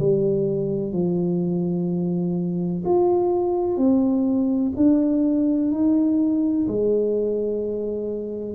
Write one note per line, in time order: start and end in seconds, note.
0.00 0.93 G3
0.93 2.84 F3
2.86 3.77 F4
3.77 4.73 C4
4.77 5.72 D4
5.72 6.67 D#4
6.68 8.55 G#3